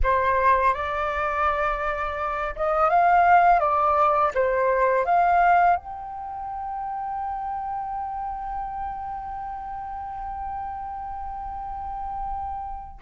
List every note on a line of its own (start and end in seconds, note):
0.03 0.74 C5
0.74 2.54 D5
2.55 2.89 D#5
2.89 3.59 F5
3.59 4.32 D5
4.34 5.05 C5
5.05 5.75 F5
5.75 12.98 G5